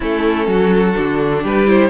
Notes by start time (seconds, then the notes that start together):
0.00 A3 C#4 E4 A4
0.47 F#3 F#4
0.95 D3 D4
1.43 G3 G4 B4
1.66 E4 C5